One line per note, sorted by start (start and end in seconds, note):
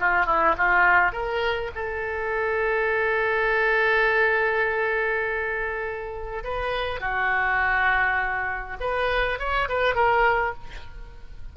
0.00 0.26 F4
0.26 0.55 E4
0.58 1.13 F4
1.13 1.72 A#4
1.75 6.44 A4
6.44 7.01 B4
7.01 8.77 F#4
8.81 9.39 B4
9.39 9.69 C#5
9.69 9.95 B4
9.95 10.54 A#4